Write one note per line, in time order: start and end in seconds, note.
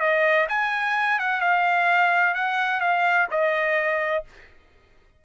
0.00 0.47 D#5
0.49 1.19 G#5
1.19 1.41 F#5
1.41 2.34 F5
2.34 2.80 F#5
2.80 3.27 F5
3.31 4.24 D#5